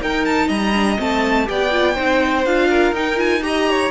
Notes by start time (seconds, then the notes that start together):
0.00 D#4 A#4 G5
0.25 A5
0.47 G3 D#5 A#5
0.74 D4
0.98 A3 C4 A5
1.45 B3 G4 D5 G5
1.71 F4
1.94 C4 D#4 C5
2.45 D4 F4 F5
2.69 A#4
2.92 D#4 G5
3.16 F4 G#5
3.42 G4 D#5 A#5
3.70 C#5